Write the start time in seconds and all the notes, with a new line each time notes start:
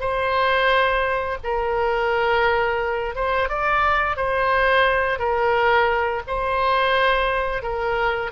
0.00 C5
1.44 A#4
3.15 C5
3.49 D5
4.17 C5
5.19 A#4
6.27 C5
7.63 A#4